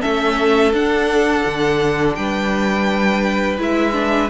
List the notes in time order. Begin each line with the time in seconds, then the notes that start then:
0.00 A3 C#4 A4 E5
0.73 D4 F#5
1.46 D3
2.15 G3 B4 G5
3.58 G#3 E4 E5
3.93 D4